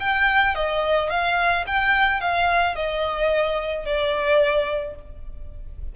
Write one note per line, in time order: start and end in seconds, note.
0.00 0.55 G5
0.55 1.10 D#5
1.10 1.65 F5
1.66 2.21 G5
2.21 2.75 F5
2.75 3.85 D#5
3.85 4.95 D5